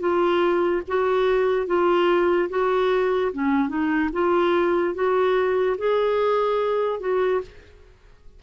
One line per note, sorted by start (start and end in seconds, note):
0.00 0.82 F4
0.89 1.67 F#4
1.67 2.49 F4
2.50 3.32 F#4
3.33 3.69 C#4
3.69 4.10 D#4
4.13 4.95 F4
4.95 5.77 F#4
5.78 7.00 G#4
7.00 7.41 F#4